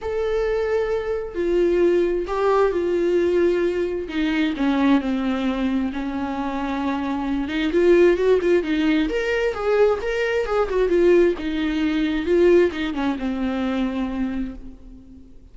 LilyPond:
\new Staff \with { instrumentName = "viola" } { \time 4/4 \tempo 4 = 132 a'2. f'4~ | f'4 g'4 f'2~ | f'4 dis'4 cis'4 c'4~ | c'4 cis'2.~ |
cis'8 dis'8 f'4 fis'8 f'8 dis'4 | ais'4 gis'4 ais'4 gis'8 fis'8 | f'4 dis'2 f'4 | dis'8 cis'8 c'2. | }